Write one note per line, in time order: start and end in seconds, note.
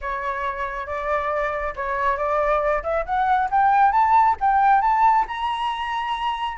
0.01 0.86 C#5
0.86 1.74 D5
1.76 2.17 C#5
2.17 2.82 D5
2.83 3.05 E5
3.05 3.49 F#5
3.51 3.92 G5
3.92 4.36 A5
4.40 4.81 G5
4.81 5.25 A5
5.27 6.57 A#5